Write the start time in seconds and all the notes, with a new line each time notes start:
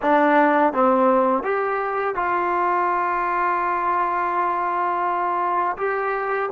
0.02 D4
0.73 C4
1.43 G4
2.15 F4
5.77 G4